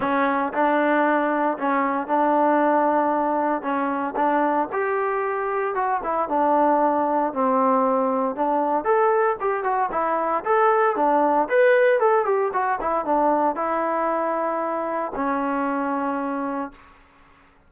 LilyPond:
\new Staff \with { instrumentName = "trombone" } { \time 4/4 \tempo 4 = 115 cis'4 d'2 cis'4 | d'2. cis'4 | d'4 g'2 fis'8 e'8 | d'2 c'2 |
d'4 a'4 g'8 fis'8 e'4 | a'4 d'4 b'4 a'8 g'8 | fis'8 e'8 d'4 e'2~ | e'4 cis'2. | }